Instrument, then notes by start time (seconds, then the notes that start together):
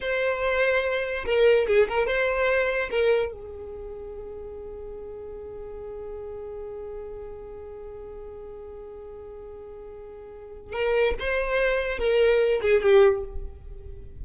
violin
0.00 C5
1.25 A#4
1.67 G#4
1.88 A#4
2.07 C5
2.90 A#4
3.32 G#4
10.72 A#4
11.19 C5
11.98 A#4
12.61 G#4
12.82 G4